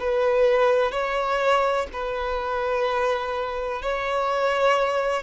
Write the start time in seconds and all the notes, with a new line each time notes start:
0.00 B4
0.92 C#5
1.93 B4
3.82 C#5